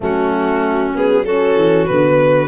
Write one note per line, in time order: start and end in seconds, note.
0.00 1.55 F#3
0.00 0.94 A3
0.00 1.24 C#4
0.00 0.96 F#4
0.94 1.25 B3
0.94 1.25 G#4
1.24 1.88 C#4
1.24 2.48 F#4
1.24 1.86 A4
1.55 1.86 E3
1.86 2.48 D3
1.86 2.48 B3
1.86 2.48 B4